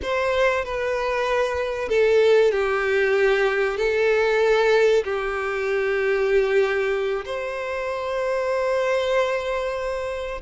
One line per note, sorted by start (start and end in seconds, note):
0.02 0.64 C5
0.64 1.88 B4
1.88 2.51 A4
2.51 3.77 G4
3.77 5.03 A4
5.04 7.25 G4
7.25 10.41 C5